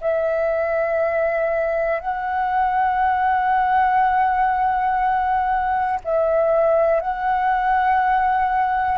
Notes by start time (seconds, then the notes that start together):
0.00 E5
2.00 F#5
6.04 E5
7.00 F#5